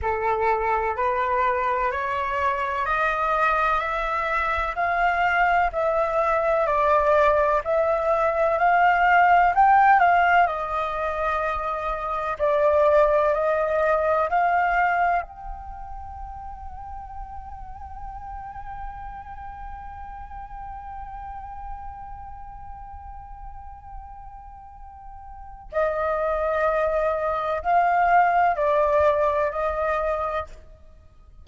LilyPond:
\new Staff \with { instrumentName = "flute" } { \time 4/4 \tempo 4 = 63 a'4 b'4 cis''4 dis''4 | e''4 f''4 e''4 d''4 | e''4 f''4 g''8 f''8 dis''4~ | dis''4 d''4 dis''4 f''4 |
g''1~ | g''1~ | g''2. dis''4~ | dis''4 f''4 d''4 dis''4 | }